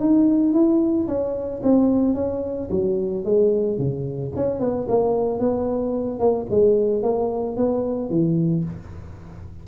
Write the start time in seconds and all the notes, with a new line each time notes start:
0.00 D#4
0.53 E4
1.08 C#4
1.63 C4
2.15 C#4
2.71 F#3
3.25 G#3
3.79 C#3
4.36 C#4
4.60 B3
4.88 A#3
5.40 B3
6.19 A#3
6.50 G#3
7.03 A#3
7.57 B3
8.10 E3